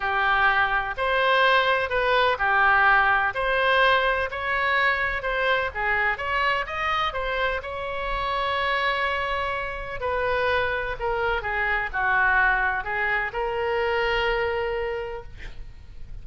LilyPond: \new Staff \with { instrumentName = "oboe" } { \time 4/4 \tempo 4 = 126 g'2 c''2 | b'4 g'2 c''4~ | c''4 cis''2 c''4 | gis'4 cis''4 dis''4 c''4 |
cis''1~ | cis''4 b'2 ais'4 | gis'4 fis'2 gis'4 | ais'1 | }